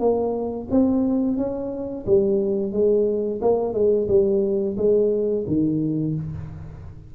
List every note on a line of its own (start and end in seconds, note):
0.00 0.68 A#3
0.71 1.37 C4
1.37 2.05 C#4
2.07 2.73 G3
2.73 3.41 G#3
3.42 3.74 A#3
3.74 4.08 G#3
4.08 4.77 G3
4.77 5.45 G#3
5.47 6.15 D#3